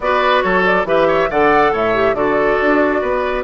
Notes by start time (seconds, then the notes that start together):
0.00 B3 F#4 B4 D5
0.42 F#3 A4 C#5
0.65 D5
0.84 E3 G4 B4 E5
1.07 C#5
1.30 D3 A4 D5 F#5
1.72 A2 C#5 E5
1.94 G4
2.13 D3 F#4 A4 D5
2.61 D4
3.01 B3 B4